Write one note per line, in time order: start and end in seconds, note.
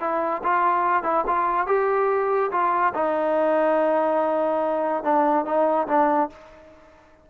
0.00 0.42 E4
0.43 1.03 F4
1.03 1.24 E4
1.27 1.67 F4
1.67 2.51 G4
2.51 2.93 F4
2.94 5.03 D#4
5.03 5.45 D4
5.45 5.87 D#4
5.87 6.29 D4